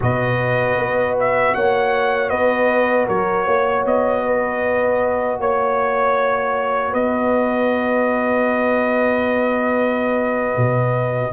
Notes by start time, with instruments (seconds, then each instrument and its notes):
0.00 tuba B2, trombone F#4, horn B4, trumpet D#5
0.77 tuba B3
1.19 trumpet E5
1.54 tuba A#3, horn C#5, trumpet F#5
2.29 tuba B3, horn B4, trumpet D#5
3.06 tuba F#3, horn A#4, trumpet C#5
3.44 tuba A#3, horn C#5
3.85 tuba B3, trumpet D#5
4.25 horn B4
5.39 tuba A#3, trumpet C#5, horn C#5
6.90 tuba B3, horn B4, trumpet D#5
10.57 tuba B2